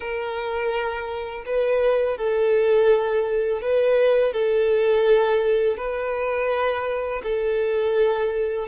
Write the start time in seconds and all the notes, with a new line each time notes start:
0.00 A#4
1.45 B4
2.17 A4
3.61 B4
4.33 A4
5.77 B4
7.23 A4